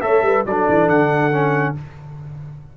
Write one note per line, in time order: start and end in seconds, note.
0.00 0.22 A3
0.00 0.44 A4
0.00 0.25 C#5
0.00 0.43 E5
0.22 0.43 G3
0.22 0.47 B4
0.46 0.67 F#3
0.46 1.31 D4
0.46 1.77 A4
0.46 0.89 D5
0.68 0.89 E3
0.89 1.75 D3
0.89 1.75 F#5
1.31 1.74 C#4